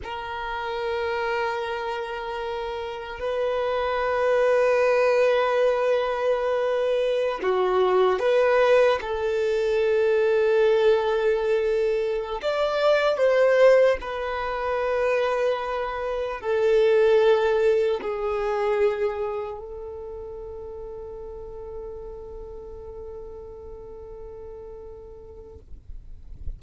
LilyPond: \new Staff \with { instrumentName = "violin" } { \time 4/4 \tempo 4 = 75 ais'1 | b'1~ | b'4~ b'16 fis'4 b'4 a'8.~ | a'2.~ a'8 d''8~ |
d''8 c''4 b'2~ b'8~ | b'8 a'2 gis'4.~ | gis'8 a'2.~ a'8~ | a'1 | }